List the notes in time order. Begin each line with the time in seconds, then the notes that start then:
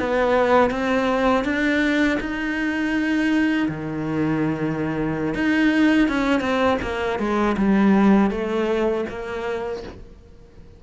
0.00 B3
0.71 C4
1.45 D4
2.20 D#4
3.69 D#3
5.35 D#4
6.09 C#4
6.41 C4
6.82 A#3
7.20 G#3
7.57 G3
8.31 A3
9.09 A#3